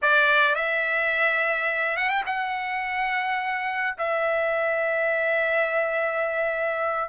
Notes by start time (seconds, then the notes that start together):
0.02 D5
0.55 E5
1.96 F#5
2.09 G5
2.26 F#5
3.98 E5